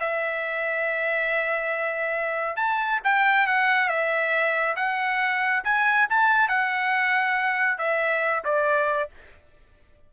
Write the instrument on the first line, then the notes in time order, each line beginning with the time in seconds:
trumpet
0.00 E5
2.57 A5
3.04 G5
3.47 F#5
3.88 E5
4.76 F#5
5.64 G#5
6.09 A5
6.48 F#5
7.78 E5
8.44 D5